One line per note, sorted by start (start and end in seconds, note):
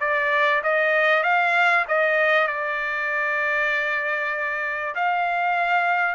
0.00 0.62 D5
0.63 1.23 D#5
1.23 1.85 F5
1.88 2.47 D#5
2.47 4.95 D5
4.95 6.15 F5